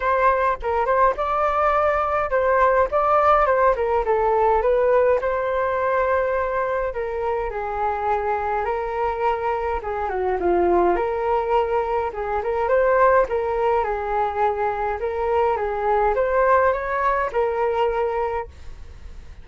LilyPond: \new Staff \with { instrumentName = "flute" } { \time 4/4 \tempo 4 = 104 c''4 ais'8 c''8 d''2 | c''4 d''4 c''8 ais'8 a'4 | b'4 c''2. | ais'4 gis'2 ais'4~ |
ais'4 gis'8 fis'8 f'4 ais'4~ | ais'4 gis'8 ais'8 c''4 ais'4 | gis'2 ais'4 gis'4 | c''4 cis''4 ais'2 | }